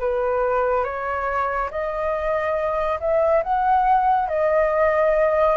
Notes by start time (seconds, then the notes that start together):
0.00 B4
0.84 C#5
1.71 D#5
3.00 E5
3.43 F#5
4.28 D#5